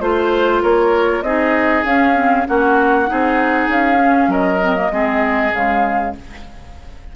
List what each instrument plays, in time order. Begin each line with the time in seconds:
0.00 bassoon A3, clarinet F4, flute C5, oboe C5
0.62 bassoon A#3, oboe A#4, flute C#5
1.21 bassoon C4, clarinet D#4, oboe G#4, flute D#5
1.84 bassoon C#4, clarinet C#4, flute F5
2.14 clarinet C4
2.45 bassoon A#3, clarinet C#4, oboe F#4, flute F#5
3.06 bassoon C4, clarinet D#4, oboe G#4
3.68 bassoon C#4, flute F5
3.96 clarinet C#4
4.27 bassoon F#3, oboe A#4, flute D#5
4.62 clarinet C4
4.75 clarinet A#3
4.90 bassoon G#3, clarinet C4, oboe G#4
5.53 bassoon C#3, clarinet G#3, flute F5